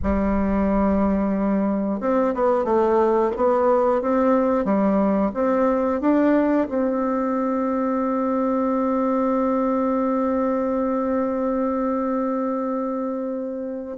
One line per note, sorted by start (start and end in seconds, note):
0.02 2.00 G3
2.00 2.33 C4
2.34 2.64 B3
2.64 3.31 A3
3.36 4.01 B3
4.01 4.64 C4
4.64 5.31 G3
5.34 6.00 C4
6.01 6.67 D4
6.68 13.97 C4